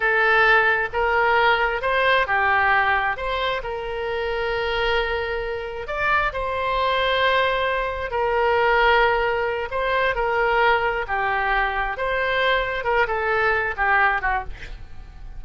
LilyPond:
\new Staff \with { instrumentName = "oboe" } { \time 4/4 \tempo 4 = 133 a'2 ais'2 | c''4 g'2 c''4 | ais'1~ | ais'4 d''4 c''2~ |
c''2 ais'2~ | ais'4. c''4 ais'4.~ | ais'8 g'2 c''4.~ | c''8 ais'8 a'4. g'4 fis'8 | }